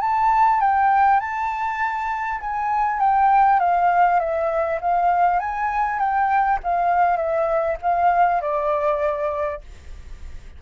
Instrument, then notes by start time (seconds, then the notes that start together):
flute
0.00 A5
0.60 G5
1.19 A5
2.40 G#5
2.99 G5
3.59 F5
4.19 E5
4.81 F5
5.39 G#5
5.99 G5
6.63 F5
7.16 E5
7.81 F5
8.41 D5